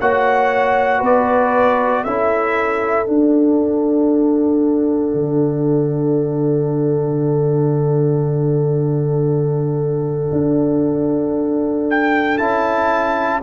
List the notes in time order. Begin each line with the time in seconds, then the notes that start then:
0.00 A#3 F#4 C#5 F#5
0.99 B3 B4 D5
2.03 C#4 E4 A4 E5
3.06 D4 F#5
5.14 D3
10.32 D4
11.90 G5
12.38 C#4 E4 A5